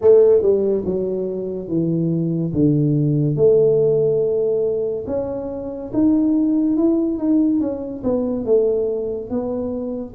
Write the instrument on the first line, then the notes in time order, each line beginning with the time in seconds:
tuba
0.01 A3
0.42 G3
0.85 F#3
1.68 E3
2.53 D3
3.36 A3
5.07 C#4
5.93 D#4
6.76 E4
7.18 D#4
7.60 C#4
8.03 B3
8.45 A3
9.30 B3